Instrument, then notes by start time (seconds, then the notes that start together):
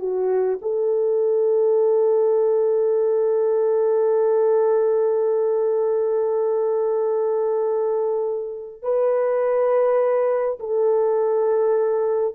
horn
0.00 F#4
0.62 A4
8.83 B4
10.60 A4